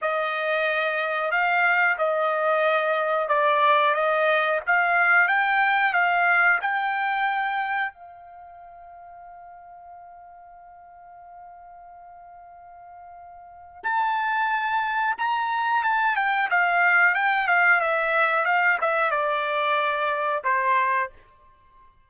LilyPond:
\new Staff \with { instrumentName = "trumpet" } { \time 4/4 \tempo 4 = 91 dis''2 f''4 dis''4~ | dis''4 d''4 dis''4 f''4 | g''4 f''4 g''2 | f''1~ |
f''1~ | f''4 a''2 ais''4 | a''8 g''8 f''4 g''8 f''8 e''4 | f''8 e''8 d''2 c''4 | }